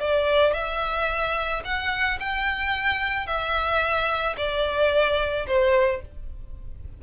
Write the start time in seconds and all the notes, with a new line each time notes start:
0.00 D5
0.54 E5
1.65 F#5
2.20 G5
3.27 E5
4.37 D5
5.47 C5